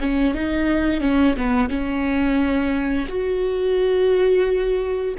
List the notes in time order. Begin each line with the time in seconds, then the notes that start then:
0.00 C#4
0.34 D#4
1.00 C#4
1.37 B3
1.69 C#4
3.08 F#4